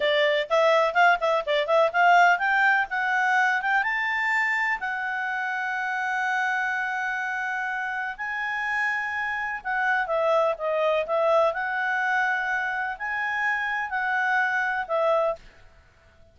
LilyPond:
\new Staff \with { instrumentName = "clarinet" } { \time 4/4 \tempo 4 = 125 d''4 e''4 f''8 e''8 d''8 e''8 | f''4 g''4 fis''4. g''8 | a''2 fis''2~ | fis''1~ |
fis''4 gis''2. | fis''4 e''4 dis''4 e''4 | fis''2. gis''4~ | gis''4 fis''2 e''4 | }